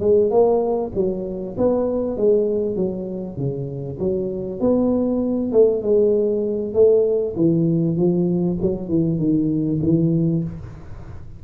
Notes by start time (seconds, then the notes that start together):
0.00 G#3
0.31 A#3
0.95 F#3
1.57 B3
2.17 G#3
2.76 F#3
3.37 C#3
4.00 F#3
4.60 B3
5.52 A3
5.82 G#3
6.74 A3
7.36 E3
7.96 F3
8.62 F#3
8.88 E3
9.19 D#3
9.83 E3